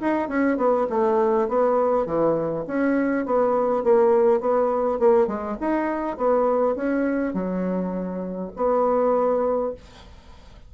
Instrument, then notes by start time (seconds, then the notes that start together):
bassoon
0.00 D#4
0.28 C#4
0.57 B3
0.89 A3
1.48 B3
2.06 E3
2.67 C#4
3.25 B3
3.83 A#3
4.40 B3
4.99 A#3
5.27 G#3
5.60 D#4
6.17 B3
6.75 C#4
7.33 F#3
8.56 B3